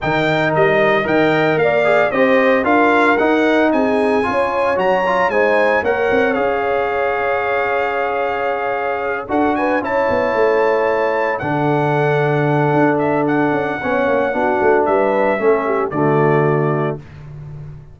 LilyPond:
<<
  \new Staff \with { instrumentName = "trumpet" } { \time 4/4 \tempo 4 = 113 g''4 dis''4 g''4 f''4 | dis''4 f''4 fis''4 gis''4~ | gis''4 ais''4 gis''4 fis''4 | f''1~ |
f''4. fis''8 gis''8 a''4.~ | a''4. fis''2~ fis''8~ | fis''8 e''8 fis''2. | e''2 d''2 | }
  \new Staff \with { instrumentName = "horn" } { \time 4/4 ais'2 dis''4 d''4 | c''4 ais'2 gis'4 | cis''2 c''4 cis''4~ | cis''1~ |
cis''4. a'8 b'8 cis''4.~ | cis''4. a'2~ a'8~ | a'2 cis''4 fis'4 | b'4 a'8 g'8 fis'2 | }
  \new Staff \with { instrumentName = "trombone" } { \time 4/4 dis'2 ais'4. gis'8 | g'4 f'4 dis'2 | f'4 fis'8 f'8 dis'4 ais'4 | gis'1~ |
gis'4. fis'4 e'4.~ | e'4. d'2~ d'8~ | d'2 cis'4 d'4~ | d'4 cis'4 a2 | }
  \new Staff \with { instrumentName = "tuba" } { \time 4/4 dis4 g4 dis4 ais4 | c'4 d'4 dis'4 c'4 | cis'4 fis4 gis4 ais8 c'8 | cis'1~ |
cis'4. d'4 cis'8 b8 a8~ | a4. d2~ d8 | d'4. cis'8 b8 ais8 b8 a8 | g4 a4 d2 | }
>>